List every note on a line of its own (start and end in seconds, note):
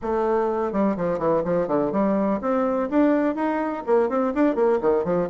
0.02 0.72 A3
0.72 0.96 G3
0.96 1.19 F3
1.19 1.43 E3
1.44 1.67 F3
1.67 1.91 D3
1.92 2.40 G3
2.41 2.89 C4
2.90 3.35 D4
3.35 3.83 D#4
3.86 4.09 A#3
4.09 4.33 C4
4.34 4.55 D4
4.55 4.79 A#3
4.81 5.04 D#3
5.04 5.28 F3